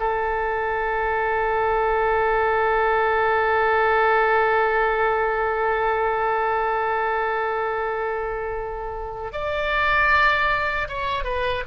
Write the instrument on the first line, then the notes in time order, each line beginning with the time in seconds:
oboe
0.00 A4
9.33 D5
10.89 C#5
11.25 B4